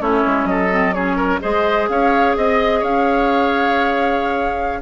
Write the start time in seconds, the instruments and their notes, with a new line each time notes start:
0.00 bassoon A3, clarinet C#4, oboe E4, flute C#5
0.26 bassoon G#3
0.45 bassoon F#3, oboe A4, flute D#5
0.71 clarinet C4
0.94 clarinet C#4, oboe G#4, flute C#5
1.17 oboe A#4
1.41 bassoon G#3, clarinet G#4, oboe C5, flute D#5
1.89 bassoon C#4, oboe C#5, flute F5
2.37 bassoon C4, flute D#5, oboe D#5
2.80 bassoon C#4, oboe C#5, flute F5